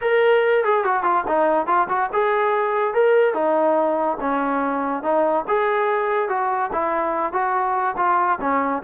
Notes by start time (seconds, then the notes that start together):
0.01 A#4
0.64 G#4
0.84 F#4
1.03 F4
1.27 D#4
1.66 F4
1.88 F#4
2.12 G#4
2.94 A#4
3.34 D#4
4.20 C#4
5.02 D#4
5.47 G#4
6.28 F#4
6.72 E4
7.32 F#4
7.97 F4
8.40 C#4